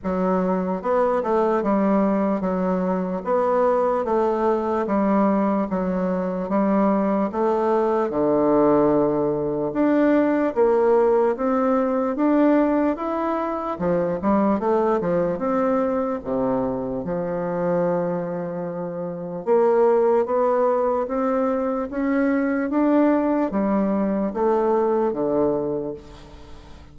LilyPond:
\new Staff \with { instrumentName = "bassoon" } { \time 4/4 \tempo 4 = 74 fis4 b8 a8 g4 fis4 | b4 a4 g4 fis4 | g4 a4 d2 | d'4 ais4 c'4 d'4 |
e'4 f8 g8 a8 f8 c'4 | c4 f2. | ais4 b4 c'4 cis'4 | d'4 g4 a4 d4 | }